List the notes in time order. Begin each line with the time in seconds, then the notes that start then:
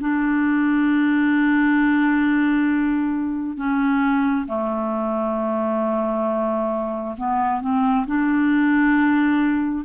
0.00 D4
3.57 C#4
4.47 A3
7.16 B3
7.61 C4
8.06 D4